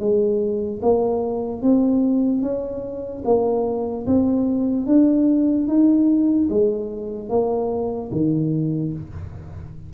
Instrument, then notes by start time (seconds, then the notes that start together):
tuba
0.00 G#3
0.83 A#3
1.63 C4
2.43 C#4
3.25 A#3
4.07 C4
4.87 D4
5.68 D#4
6.50 G#3
7.30 A#3
8.12 D#3